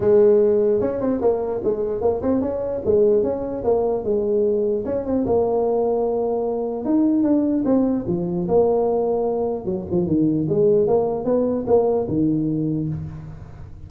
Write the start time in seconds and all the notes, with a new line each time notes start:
0.00 G#3
0.81 C#4
1.00 C4
1.21 A#3
1.64 G#3
2.01 A#3
2.21 C4
2.41 C#4
2.85 G#3
3.23 C#4
3.64 A#3
4.04 G#3
4.85 C#4
5.05 C4
5.26 A#3
6.85 D#4
7.23 D4
7.64 C4
8.07 F3
8.47 A#3
9.65 F#3
9.90 F3
10.06 D#3
10.48 G#3
10.87 A#3
11.25 B3
11.66 A#3
12.07 D#3